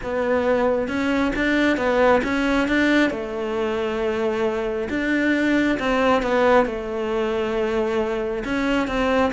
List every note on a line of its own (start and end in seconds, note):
0.03 0.87 B3
0.87 1.32 C#4
1.35 1.77 D4
1.77 2.21 B3
2.23 2.67 C#4
2.67 3.10 D4
3.10 4.88 A3
4.89 5.78 D4
5.79 6.22 C4
6.22 6.65 B3
6.65 8.43 A3
8.44 8.87 C#4
8.87 9.32 C4